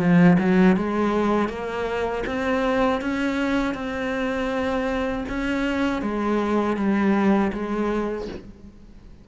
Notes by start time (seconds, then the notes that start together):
0.00 F3
0.39 F#3
0.77 G#3
1.49 A#3
2.27 C4
3.01 C#4
3.75 C4
5.29 C#4
6.02 G#3
6.77 G3
7.53 G#3